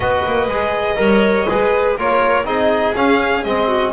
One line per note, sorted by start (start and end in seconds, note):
0.00 0.20 B3
0.00 0.49 F#4
0.00 0.99 B4
0.00 1.95 D#5
0.26 0.47 A#3
0.47 0.96 G#3
0.47 0.95 G#4
0.95 1.46 G3
0.95 1.45 A#4
0.95 1.48 C#5
1.48 1.97 G#3
1.48 1.98 G#4
1.48 1.97 B4
1.97 2.44 A#3
1.97 2.44 F4
1.97 2.46 A#4
1.97 2.45 C#5
2.44 2.93 C4
2.44 2.94 D#4
2.44 3.67 G#4
2.44 2.95 D#5
2.95 3.44 C#4
2.95 3.43 F5
3.43 3.93 G#3
3.43 3.93 C4
3.43 3.92 D#5
3.67 3.91 F#4